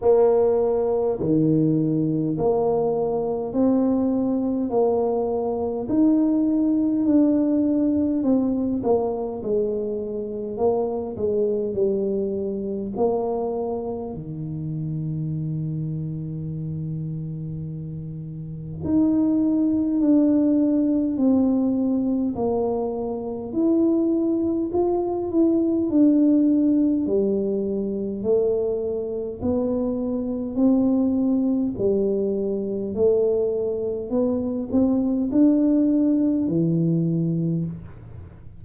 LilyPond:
\new Staff \with { instrumentName = "tuba" } { \time 4/4 \tempo 4 = 51 ais4 dis4 ais4 c'4 | ais4 dis'4 d'4 c'8 ais8 | gis4 ais8 gis8 g4 ais4 | dis1 |
dis'4 d'4 c'4 ais4 | e'4 f'8 e'8 d'4 g4 | a4 b4 c'4 g4 | a4 b8 c'8 d'4 e4 | }